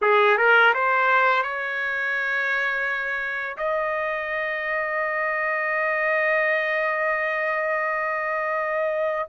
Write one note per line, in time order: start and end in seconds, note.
0.01 0.37 G#4
0.37 0.73 A#4
0.73 1.42 C5
1.42 3.56 C#5
3.57 9.29 D#5